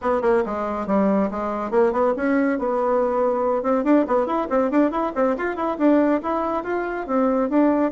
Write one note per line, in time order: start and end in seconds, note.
0.01 0.21 B3
0.21 0.43 A#3
0.45 0.86 G#3
0.86 1.29 G3
1.31 1.70 G#3
1.70 1.92 A#3
1.92 2.13 B3
2.16 2.59 C#4
2.59 3.63 B3
3.63 3.84 C4
3.84 4.05 D4
4.07 4.26 B3
4.26 4.47 E4
4.49 4.70 C4
4.70 4.91 D4
4.91 5.12 E4
5.15 5.36 C4
5.37 5.56 F4
5.56 5.77 E4
5.77 6.20 D4
6.23 6.63 E4
6.63 7.06 F4
7.06 7.49 C4
7.49 7.91 D4